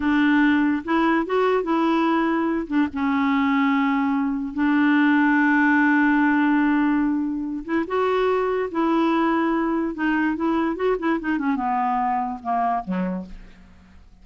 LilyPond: \new Staff \with { instrumentName = "clarinet" } { \time 4/4 \tempo 4 = 145 d'2 e'4 fis'4 | e'2~ e'8 d'8 cis'4~ | cis'2. d'4~ | d'1~ |
d'2~ d'8 e'8 fis'4~ | fis'4 e'2. | dis'4 e'4 fis'8 e'8 dis'8 cis'8 | b2 ais4 fis4 | }